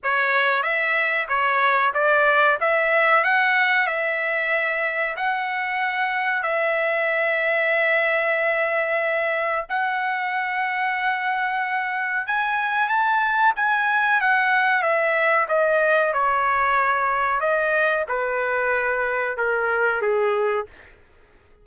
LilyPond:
\new Staff \with { instrumentName = "trumpet" } { \time 4/4 \tempo 4 = 93 cis''4 e''4 cis''4 d''4 | e''4 fis''4 e''2 | fis''2 e''2~ | e''2. fis''4~ |
fis''2. gis''4 | a''4 gis''4 fis''4 e''4 | dis''4 cis''2 dis''4 | b'2 ais'4 gis'4 | }